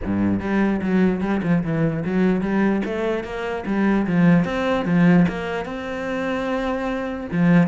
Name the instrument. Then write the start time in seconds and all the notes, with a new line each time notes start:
cello
0.05 G2
0.40 G3
0.81 F#3
1.21 G3
1.43 F3
1.63 E3
2.04 F#3
2.41 G3
2.85 A3
3.23 A#3
3.66 G3
4.06 F3
4.45 C4
4.85 F3
5.28 A#3
5.65 C4
7.32 F3